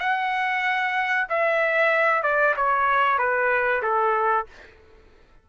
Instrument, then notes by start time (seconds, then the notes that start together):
trumpet
0.00 F#5
1.29 E5
2.23 D5
2.56 C#5
3.18 B4
3.83 A4